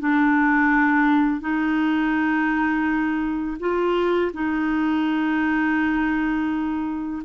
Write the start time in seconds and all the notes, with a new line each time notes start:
0.00 D4
1.41 D#4
3.60 F4
4.34 D#4